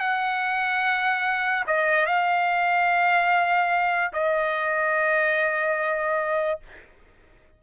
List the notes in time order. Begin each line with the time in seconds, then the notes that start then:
0.00 F#5
1.67 D#5
2.06 F5
4.13 D#5